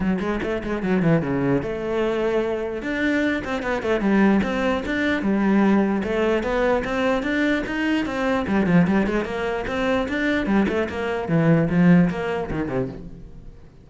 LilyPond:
\new Staff \with { instrumentName = "cello" } { \time 4/4 \tempo 4 = 149 fis8 gis8 a8 gis8 fis8 e8 cis4 | a2. d'4~ | d'8 c'8 b8 a8 g4 c'4 | d'4 g2 a4 |
b4 c'4 d'4 dis'4 | c'4 g8 f8 g8 gis8 ais4 | c'4 d'4 g8 a8 ais4 | e4 f4 ais4 dis8 c8 | }